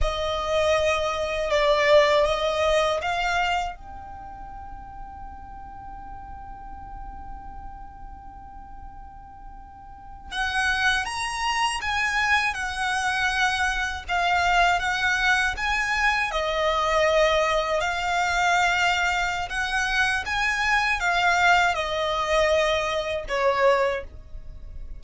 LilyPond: \new Staff \with { instrumentName = "violin" } { \time 4/4 \tempo 4 = 80 dis''2 d''4 dis''4 | f''4 g''2.~ | g''1~ | g''4.~ g''16 fis''4 ais''4 gis''16~ |
gis''8. fis''2 f''4 fis''16~ | fis''8. gis''4 dis''2 f''16~ | f''2 fis''4 gis''4 | f''4 dis''2 cis''4 | }